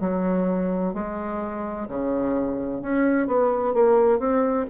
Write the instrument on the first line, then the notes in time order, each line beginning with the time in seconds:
bassoon
0.00 F#3
0.94 G#3
1.88 C#3
2.82 C#4
3.27 B3
3.74 A#3
4.19 C4